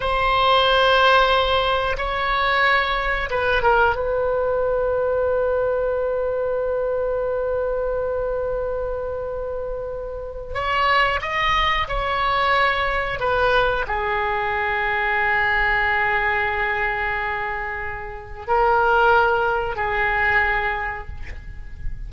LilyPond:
\new Staff \with { instrumentName = "oboe" } { \time 4/4 \tempo 4 = 91 c''2. cis''4~ | cis''4 b'8 ais'8 b'2~ | b'1~ | b'1 |
cis''4 dis''4 cis''2 | b'4 gis'2.~ | gis'1 | ais'2 gis'2 | }